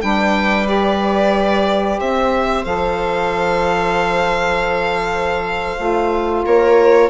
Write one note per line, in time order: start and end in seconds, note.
0.00 2.00 G3
0.00 0.65 D4
0.00 1.99 B4
0.00 0.67 G5
0.65 2.63 G4
0.65 2.00 D5
1.99 2.65 C4
1.99 6.44 C5
1.99 2.65 E5
2.65 5.78 F3
2.65 5.78 A4
2.65 6.44 F5
5.78 6.45 A3
5.78 7.10 F4
6.45 7.10 A#3
6.45 7.10 A#4
6.45 7.10 C#5